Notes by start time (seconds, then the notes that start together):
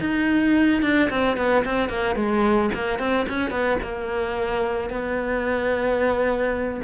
0.00 D#4
0.82 D4
1.09 C4
1.37 B3
1.64 C4
1.89 A#3
2.15 G#3
2.74 A#3
2.99 C4
3.28 C#4
3.50 B3
3.82 A#3
4.89 B3